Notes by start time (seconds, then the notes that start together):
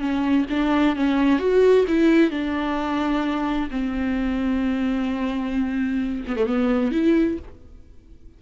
0.00 C#4
0.50 D4
0.96 C#4
1.39 F#4
1.88 E4
2.31 D4
3.71 C4
6.28 B3
6.36 A3
6.47 B3
6.92 E4